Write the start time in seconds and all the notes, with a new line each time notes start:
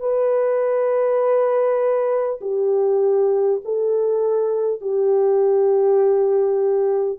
0.00 B4
2.42 G4
3.65 A4
4.81 G4